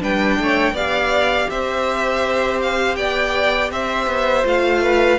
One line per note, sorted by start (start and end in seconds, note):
0.00 0.39 G3
0.00 0.74 D4
0.00 0.39 B4
0.00 0.76 G5
0.39 0.73 A3
0.39 0.73 C#5
0.73 1.47 B3
0.73 4.44 G4
0.73 1.48 D5
0.73 1.50 F5
1.50 2.97 C4
1.50 2.98 C5
1.50 2.61 E5
2.62 2.96 F5
2.96 3.71 B3
2.96 3.72 D5
2.96 3.70 G5
3.71 4.07 C4
3.71 4.82 C5
3.71 4.46 E5
4.07 4.44 B3
4.44 5.19 A3
4.44 5.18 F4
4.44 5.19 F5
4.82 5.19 B4